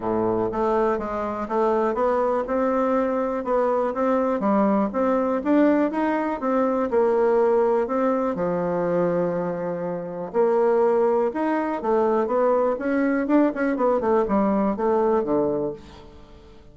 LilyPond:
\new Staff \with { instrumentName = "bassoon" } { \time 4/4 \tempo 4 = 122 a,4 a4 gis4 a4 | b4 c'2 b4 | c'4 g4 c'4 d'4 | dis'4 c'4 ais2 |
c'4 f2.~ | f4 ais2 dis'4 | a4 b4 cis'4 d'8 cis'8 | b8 a8 g4 a4 d4 | }